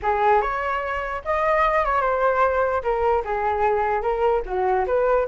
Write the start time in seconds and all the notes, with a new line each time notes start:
0.02 G#4
0.41 C#5
1.24 D#5
1.84 C#5
2.01 C5
2.82 A#4
3.24 G#4
4.01 A#4
4.45 F#4
4.86 B4